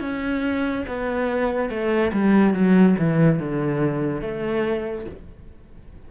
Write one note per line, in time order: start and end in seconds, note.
0.00 0.85 C#4
0.87 1.69 B3
1.69 2.11 A3
2.12 2.53 G3
2.53 2.95 F#3
2.98 3.39 E3
3.39 4.21 D3
4.21 5.05 A3